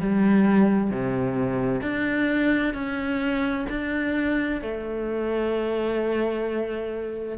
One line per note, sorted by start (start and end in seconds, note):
0.00 0.91 G3
0.91 1.81 C3
1.81 2.74 D4
2.74 3.66 C#4
3.69 4.61 D4
4.61 7.38 A3